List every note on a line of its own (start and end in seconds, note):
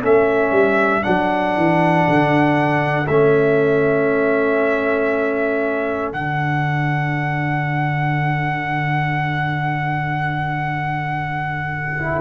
0.00 0.52 A3
0.00 1.02 C#4
0.00 12.20 A4
0.00 1.03 E5
0.52 1.03 G3
1.02 1.57 F#3
1.02 3.06 D4
1.02 3.07 F#5
1.57 2.08 E3
2.08 3.08 D3
3.07 6.13 A3
3.07 6.14 C#4
3.07 6.12 E5
6.13 12.21 D3
6.13 11.99 D4
6.13 12.21 F#5
12.00 12.21 E4